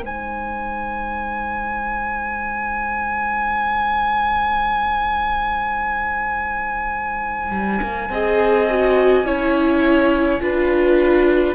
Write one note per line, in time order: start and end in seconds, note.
0.00 7.51 G#3
0.00 8.08 D#4
0.00 8.10 C5
0.00 11.55 G#5
7.51 7.80 G3
7.82 8.09 A#3
8.09 9.24 C4
8.09 8.69 G#4
8.09 9.26 D#5
8.70 9.25 F#4
9.24 10.39 C#4
9.24 10.40 E4
9.24 10.41 C#5
10.40 11.55 D4
10.40 11.55 F4
10.40 11.55 B4